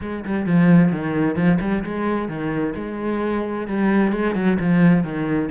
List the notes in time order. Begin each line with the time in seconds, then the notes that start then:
0.01 G#3
0.24 G3
0.46 F3
0.91 D#3
1.35 F3
1.60 G3
1.84 G#3
2.28 D#3
2.75 G#3
3.67 G3
4.12 G#3
4.34 F#3
4.59 F3
5.03 D#3